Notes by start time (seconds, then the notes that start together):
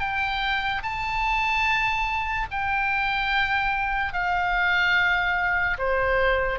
0.00 G5
0.83 A5
2.51 G5
4.13 F5
5.78 C5